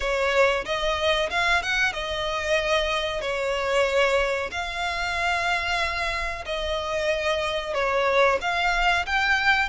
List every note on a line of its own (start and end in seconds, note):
0.00 0.65 C#5
0.65 1.29 D#5
1.30 1.62 F5
1.62 1.92 F#5
1.92 3.21 D#5
3.21 4.50 C#5
4.51 6.44 F5
6.45 7.74 D#5
7.74 8.38 C#5
8.41 9.05 F5
9.06 9.69 G5